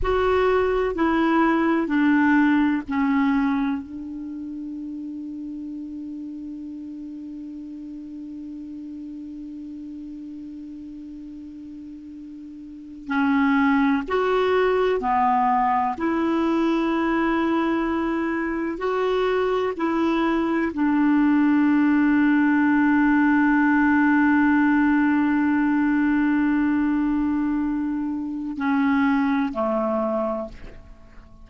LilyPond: \new Staff \with { instrumentName = "clarinet" } { \time 4/4 \tempo 4 = 63 fis'4 e'4 d'4 cis'4 | d'1~ | d'1~ | d'4.~ d'16 cis'4 fis'4 b16~ |
b8. e'2. fis'16~ | fis'8. e'4 d'2~ d'16~ | d'1~ | d'2 cis'4 a4 | }